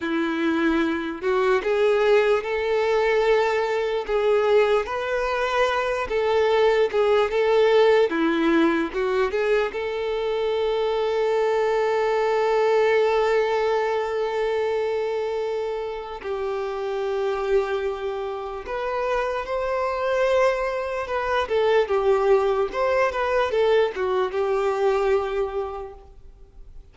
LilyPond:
\new Staff \with { instrumentName = "violin" } { \time 4/4 \tempo 4 = 74 e'4. fis'8 gis'4 a'4~ | a'4 gis'4 b'4. a'8~ | a'8 gis'8 a'4 e'4 fis'8 gis'8 | a'1~ |
a'1 | g'2. b'4 | c''2 b'8 a'8 g'4 | c''8 b'8 a'8 fis'8 g'2 | }